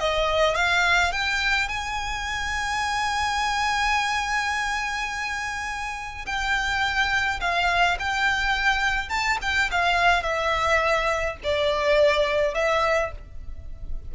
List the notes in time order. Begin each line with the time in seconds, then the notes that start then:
0.00 D#5
0.56 F5
1.12 G5
1.69 G#5
6.26 G5
7.41 F5
7.99 G5
9.10 A5
9.42 G5
9.71 F5
10.23 E5
11.44 D5
12.55 E5